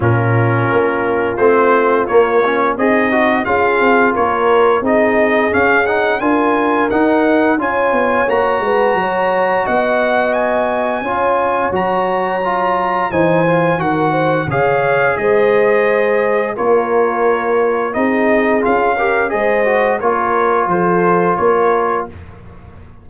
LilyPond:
<<
  \new Staff \with { instrumentName = "trumpet" } { \time 4/4 \tempo 4 = 87 ais'2 c''4 cis''4 | dis''4 f''4 cis''4 dis''4 | f''8 fis''8 gis''4 fis''4 gis''4 | ais''2 fis''4 gis''4~ |
gis''4 ais''2 gis''4 | fis''4 f''4 dis''2 | cis''2 dis''4 f''4 | dis''4 cis''4 c''4 cis''4 | }
  \new Staff \with { instrumentName = "horn" } { \time 4/4 f'1 | dis'4 gis'4 ais'4 gis'4~ | gis'4 ais'2 cis''4~ | cis''8 b'8 cis''4 dis''2 |
cis''2. c''4 | ais'8 c''8 cis''4 c''2 | ais'2 gis'4. ais'8 | c''4 ais'4 a'4 ais'4 | }
  \new Staff \with { instrumentName = "trombone" } { \time 4/4 cis'2 c'4 ais8 cis'8 | gis'8 fis'8 f'2 dis'4 | cis'8 dis'8 f'4 dis'4 f'4 | fis'1 |
f'4 fis'4 f'4 dis'8 f'8 | fis'4 gis'2. | f'2 dis'4 f'8 g'8 | gis'8 fis'8 f'2. | }
  \new Staff \with { instrumentName = "tuba" } { \time 4/4 ais,4 ais4 a4 ais4 | c'4 cis'8 c'8 ais4 c'4 | cis'4 d'4 dis'4 cis'8 b8 | ais8 gis8 fis4 b2 |
cis'4 fis2 e4 | dis4 cis4 gis2 | ais2 c'4 cis'4 | gis4 ais4 f4 ais4 | }
>>